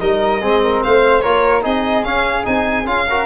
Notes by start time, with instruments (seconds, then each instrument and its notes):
0.00 tuba G3, trombone D#4, flute A#4, violin D#5
0.41 tuba G#3, trombone C4, flute G#4
0.64 flute A#4
0.84 tuba A3, flute C5, violin F5
1.21 tuba A#3, trombone F4, flute A#4, violin C#5
1.62 tuba C4, trombone D#4, flute G#4, violin D#5
2.05 trombone C#4, tuba C#4, violin F5
2.45 tuba C4, trombone D#4, violin G#5
2.86 tuba C#4, trombone F4, violin F5
3.09 trombone F#4, flute A#4